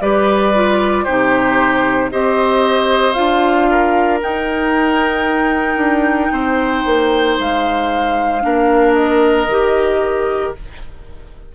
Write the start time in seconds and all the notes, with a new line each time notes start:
0.00 G3 G4 B4 D5
0.54 F4
1.04 C3 D#4 G4 C5
2.11 C4 G4 C5 D#5
3.12 D4 F4 F5
3.70 A#4
4.21 D#4 G5
5.76 D4
6.31 C4 C5
6.85 A#3
7.39 G#3 F5
8.41 A#3 D4 A#4
8.94 D#5
9.47 D#3 G4